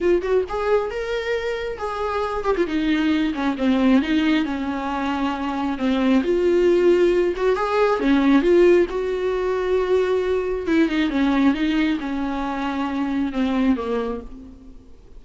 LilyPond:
\new Staff \with { instrumentName = "viola" } { \time 4/4 \tempo 4 = 135 f'8 fis'8 gis'4 ais'2 | gis'4. g'16 f'16 dis'4. cis'8 | c'4 dis'4 cis'2~ | cis'4 c'4 f'2~ |
f'8 fis'8 gis'4 cis'4 f'4 | fis'1 | e'8 dis'8 cis'4 dis'4 cis'4~ | cis'2 c'4 ais4 | }